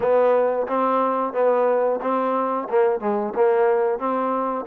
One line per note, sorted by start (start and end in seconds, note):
0.00 0.67 B3
0.67 1.33 C4
1.33 1.99 B3
2.01 2.68 C4
2.69 3.00 A#3
3.00 3.33 G#3
3.35 3.98 A#3
3.98 4.65 C4